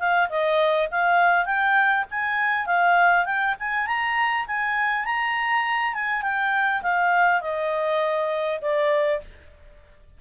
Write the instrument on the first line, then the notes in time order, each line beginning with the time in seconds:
clarinet
0.00 F5
0.30 D#5
0.91 F5
1.46 G5
2.11 G#5
2.67 F5
3.26 G5
3.60 G#5
3.87 A#5
4.47 G#5
5.05 A#5
5.95 G#5
6.23 G5
6.83 F5
7.41 D#5
8.62 D5